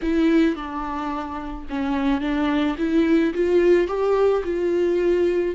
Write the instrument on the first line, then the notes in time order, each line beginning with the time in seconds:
viola
0.02 E4
0.55 D4
1.69 C#4
2.20 D4
2.78 E4
3.34 F4
3.87 G4
4.44 F4